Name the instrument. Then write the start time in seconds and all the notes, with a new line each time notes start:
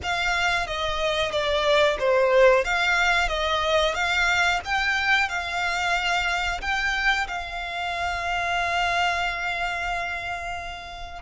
violin
0.02 F5
0.66 D#5
1.31 D5
1.99 C5
2.64 F5
3.28 D#5
3.94 F5
4.65 G5
5.29 F5
6.61 G5
7.27 F5